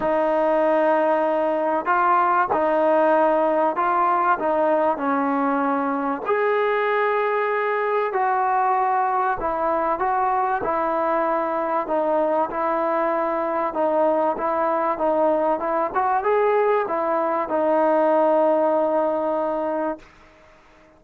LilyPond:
\new Staff \with { instrumentName = "trombone" } { \time 4/4 \tempo 4 = 96 dis'2. f'4 | dis'2 f'4 dis'4 | cis'2 gis'2~ | gis'4 fis'2 e'4 |
fis'4 e'2 dis'4 | e'2 dis'4 e'4 | dis'4 e'8 fis'8 gis'4 e'4 | dis'1 | }